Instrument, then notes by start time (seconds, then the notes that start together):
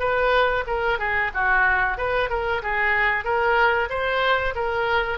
oboe
0.00 B4
0.67 A#4
0.99 G#4
1.34 F#4
1.98 B4
2.30 A#4
2.63 G#4
3.25 A#4
3.90 C5
4.55 A#4